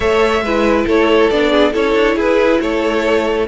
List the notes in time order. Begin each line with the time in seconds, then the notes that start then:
0.00 A3 A4 C#5 E5
0.41 G#3 E4 B4
0.85 A3 A4 C#5
1.29 B3 D4 D5
1.50 G#4
1.72 C#4 E4 A4 C#5
1.94 D4
2.15 E4 G#4 B4
2.61 A3 A4 C#5